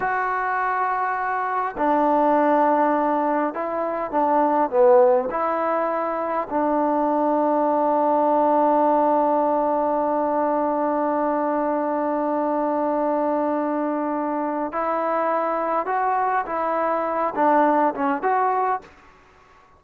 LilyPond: \new Staff \with { instrumentName = "trombone" } { \time 4/4 \tempo 4 = 102 fis'2. d'4~ | d'2 e'4 d'4 | b4 e'2 d'4~ | d'1~ |
d'1~ | d'1~ | d'4 e'2 fis'4 | e'4. d'4 cis'8 fis'4 | }